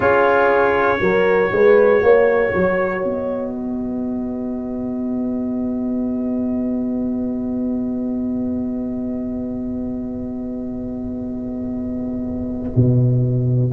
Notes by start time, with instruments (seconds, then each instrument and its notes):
0.00 tuba C#4, trombone F4, horn G#4, trumpet C#5
0.98 tuba F#3, trombone F#4, horn A#4
1.51 tuba G#3, horn B4
2.02 tuba A#3, horn C#5
2.53 tuba F#3
3.04 tuba B3, trumpet D#5
3.55 horn B4
12.75 tuba B2